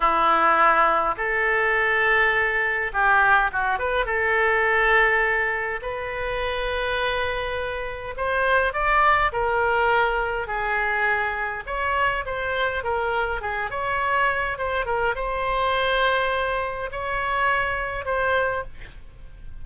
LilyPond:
\new Staff \with { instrumentName = "oboe" } { \time 4/4 \tempo 4 = 103 e'2 a'2~ | a'4 g'4 fis'8 b'8 a'4~ | a'2 b'2~ | b'2 c''4 d''4 |
ais'2 gis'2 | cis''4 c''4 ais'4 gis'8 cis''8~ | cis''4 c''8 ais'8 c''2~ | c''4 cis''2 c''4 | }